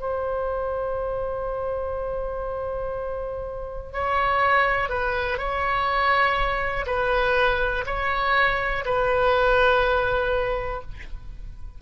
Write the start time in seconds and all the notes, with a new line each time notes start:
0.00 C5
3.93 C#5
4.90 B4
5.38 C#5
6.87 B4
7.86 C#5
8.85 B4